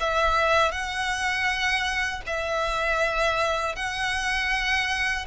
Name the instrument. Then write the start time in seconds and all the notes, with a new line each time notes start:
violin
0.00 E5
0.72 F#5
2.26 E5
3.76 F#5